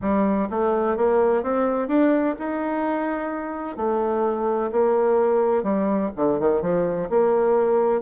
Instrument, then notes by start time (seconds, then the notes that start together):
bassoon
0.01 G3
0.50 A3
0.97 A#3
1.43 C4
1.87 D4
2.38 D#4
3.76 A3
4.71 A#3
5.63 G3
6.15 D3
6.39 D#3
6.61 F3
7.09 A#3